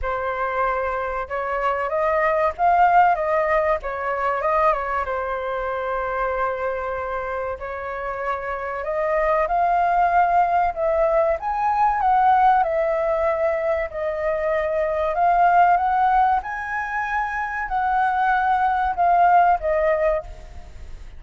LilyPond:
\new Staff \with { instrumentName = "flute" } { \time 4/4 \tempo 4 = 95 c''2 cis''4 dis''4 | f''4 dis''4 cis''4 dis''8 cis''8 | c''1 | cis''2 dis''4 f''4~ |
f''4 e''4 gis''4 fis''4 | e''2 dis''2 | f''4 fis''4 gis''2 | fis''2 f''4 dis''4 | }